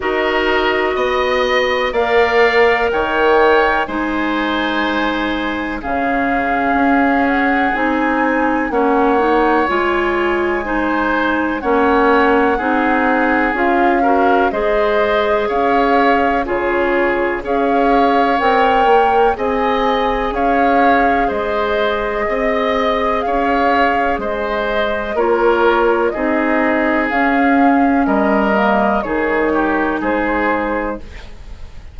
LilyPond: <<
  \new Staff \with { instrumentName = "flute" } { \time 4/4 \tempo 4 = 62 dis''2 f''4 g''4 | gis''2 f''4. fis''8 | gis''4 fis''4 gis''2 | fis''2 f''4 dis''4 |
f''4 cis''4 f''4 g''4 | gis''4 f''4 dis''2 | f''4 dis''4 cis''4 dis''4 | f''4 dis''4 cis''4 c''4 | }
  \new Staff \with { instrumentName = "oboe" } { \time 4/4 ais'4 dis''4 d''4 cis''4 | c''2 gis'2~ | gis'4 cis''2 c''4 | cis''4 gis'4. ais'8 c''4 |
cis''4 gis'4 cis''2 | dis''4 cis''4 c''4 dis''4 | cis''4 c''4 ais'4 gis'4~ | gis'4 ais'4 gis'8 g'8 gis'4 | }
  \new Staff \with { instrumentName = "clarinet" } { \time 4/4 fis'2 ais'2 | dis'2 cis'2 | dis'4 cis'8 dis'8 f'4 dis'4 | cis'4 dis'4 f'8 fis'8 gis'4~ |
gis'4 f'4 gis'4 ais'4 | gis'1~ | gis'2 f'4 dis'4 | cis'4. ais8 dis'2 | }
  \new Staff \with { instrumentName = "bassoon" } { \time 4/4 dis'4 b4 ais4 dis4 | gis2 cis4 cis'4 | c'4 ais4 gis2 | ais4 c'4 cis'4 gis4 |
cis'4 cis4 cis'4 c'8 ais8 | c'4 cis'4 gis4 c'4 | cis'4 gis4 ais4 c'4 | cis'4 g4 dis4 gis4 | }
>>